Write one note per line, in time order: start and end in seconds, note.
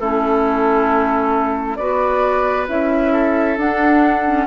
0.00 1.80 A3
0.00 1.79 C#4
0.00 1.79 E4
0.00 1.76 A4
1.76 2.68 B3
1.76 2.68 F#4
1.76 3.12 B4
1.76 2.66 D5
2.68 3.57 C#4
2.68 3.57 E4
2.68 3.59 E5
3.12 4.47 A4
3.57 4.47 D4
3.57 4.26 D4
3.57 4.47 F#5
4.26 4.47 C#4